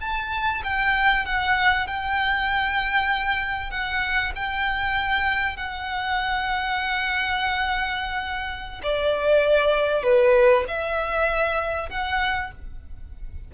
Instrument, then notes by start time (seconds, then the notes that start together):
violin
0.00 A5
0.63 G5
1.25 F#5
1.87 G5
3.70 F#5
4.35 G5
5.56 F#5
8.83 D5
10.03 B4
10.68 E5
11.89 F#5